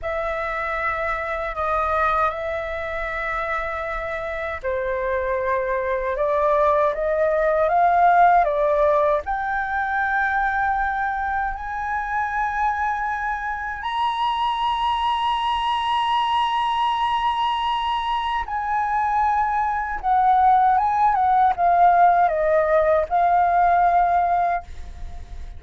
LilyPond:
\new Staff \with { instrumentName = "flute" } { \time 4/4 \tempo 4 = 78 e''2 dis''4 e''4~ | e''2 c''2 | d''4 dis''4 f''4 d''4 | g''2. gis''4~ |
gis''2 ais''2~ | ais''1 | gis''2 fis''4 gis''8 fis''8 | f''4 dis''4 f''2 | }